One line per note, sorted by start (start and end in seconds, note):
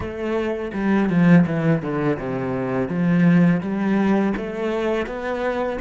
0.00 0.71 A3
0.73 1.09 G3
1.09 1.45 F3
1.46 1.81 E3
1.81 2.18 D3
2.19 2.88 C3
2.88 3.60 F3
3.60 4.33 G3
4.36 5.06 A3
5.06 5.78 B3